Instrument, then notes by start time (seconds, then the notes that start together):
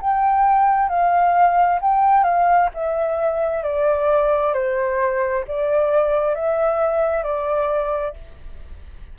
flute
0.00 G5
0.88 F5
1.81 G5
2.24 F5
2.74 E5
3.63 D5
4.54 C5
5.48 D5
6.35 E5
7.23 D5